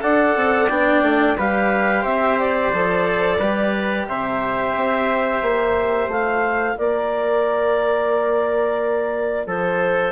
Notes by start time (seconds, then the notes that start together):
0.00 D4 A4 D5 F#5
0.36 C4
0.68 B3 D4 G5
1.02 A3
1.37 G3 G4 B4 F5
2.01 C4 C5 E5
2.39 D5
2.73 F3 A4
3.39 G3 G4 B4
4.08 C3 C5 E5
4.75 C4
5.41 A#3
6.07 A3 F4 F5
6.77 A#3 A#4 D5
9.46 F3 A4 C5